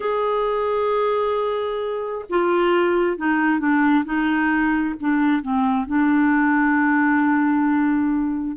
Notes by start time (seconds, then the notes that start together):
0.00 G#4
2.29 F4
3.17 D#4
3.59 D4
4.04 D#4
5.00 D4
5.42 C4
5.86 D4